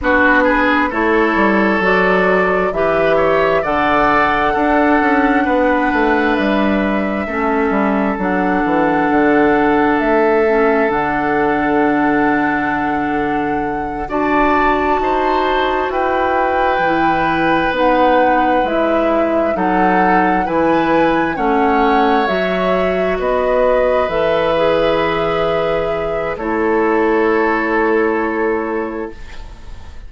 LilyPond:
<<
  \new Staff \with { instrumentName = "flute" } { \time 4/4 \tempo 4 = 66 b'4 cis''4 d''4 e''4 | fis''2. e''4~ | e''4 fis''2 e''4 | fis''2.~ fis''8 a''8~ |
a''4. g''2 fis''8~ | fis''8 e''4 fis''4 gis''4 fis''8~ | fis''8 e''4 dis''4 e''4.~ | e''4 cis''2. | }
  \new Staff \with { instrumentName = "oboe" } { \time 4/4 fis'8 gis'8 a'2 b'8 cis''8 | d''4 a'4 b'2 | a'1~ | a'2.~ a'8 d''8~ |
d''8 c''4 b'2~ b'8~ | b'4. a'4 b'4 cis''8~ | cis''4. b'2~ b'8~ | b'4 a'2. | }
  \new Staff \with { instrumentName = "clarinet" } { \time 4/4 d'4 e'4 fis'4 g'4 | a'4 d'2. | cis'4 d'2~ d'8 cis'8 | d'2.~ d'8 fis'8~ |
fis'2~ fis'8 e'4 dis'8~ | dis'8 e'4 dis'4 e'4 cis'8~ | cis'8 fis'2 a'8 gis'4~ | gis'4 e'2. | }
  \new Staff \with { instrumentName = "bassoon" } { \time 4/4 b4 a8 g8 fis4 e4 | d4 d'8 cis'8 b8 a8 g4 | a8 g8 fis8 e8 d4 a4 | d2.~ d8 d'8~ |
d'8 dis'4 e'4 e4 b8~ | b8 gis4 fis4 e4 a8~ | a8 fis4 b4 e4.~ | e4 a2. | }
>>